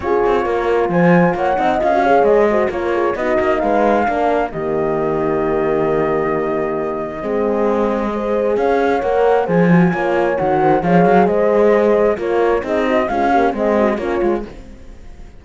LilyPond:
<<
  \new Staff \with { instrumentName = "flute" } { \time 4/4 \tempo 4 = 133 cis''2 gis''4 fis''4 | f''4 dis''4 cis''4 dis''4 | f''2 dis''2~ | dis''1~ |
dis''2. f''4 | fis''4 gis''2 fis''4 | f''4 dis''2 cis''4 | dis''4 f''4 dis''4 cis''4 | }
  \new Staff \with { instrumentName = "horn" } { \time 4/4 gis'4 ais'4 c''4 cis''8 dis''8~ | dis''8 cis''4 c''8 ais'8 gis'8 fis'4 | b'4 ais'4 g'2~ | g'1 |
gis'2 c''4 cis''4~ | cis''4 c''4 cis''4. c''8 | cis''4 c''2 ais'4 | gis'8 fis'8 f'8 g'8 gis'8 fis'8 f'4 | }
  \new Staff \with { instrumentName = "horn" } { \time 4/4 f'2.~ f'8 dis'8 | f'16 fis'16 gis'4 fis'8 f'4 dis'4~ | dis'4 d'4 ais2~ | ais1 |
c'2 gis'2 | ais'4 gis'8 fis'8 f'4 fis'4 | gis'2. f'4 | dis'4 gis8 ais8 c'4 cis'8 f'8 | }
  \new Staff \with { instrumentName = "cello" } { \time 4/4 cis'8 c'8 ais4 f4 ais8 c'8 | cis'4 gis4 ais4 b8 ais8 | gis4 ais4 dis2~ | dis1 |
gis2. cis'4 | ais4 f4 ais4 dis4 | f8 fis8 gis2 ais4 | c'4 cis'4 gis4 ais8 gis8 | }
>>